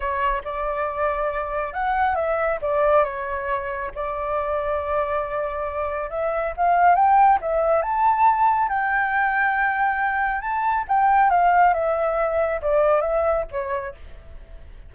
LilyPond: \new Staff \with { instrumentName = "flute" } { \time 4/4 \tempo 4 = 138 cis''4 d''2. | fis''4 e''4 d''4 cis''4~ | cis''4 d''2.~ | d''2 e''4 f''4 |
g''4 e''4 a''2 | g''1 | a''4 g''4 f''4 e''4~ | e''4 d''4 e''4 cis''4 | }